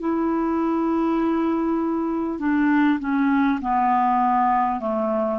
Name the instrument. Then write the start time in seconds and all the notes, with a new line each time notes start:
clarinet
0.00 E4
2.39 D4
3.00 C#4
3.62 B3
4.81 A3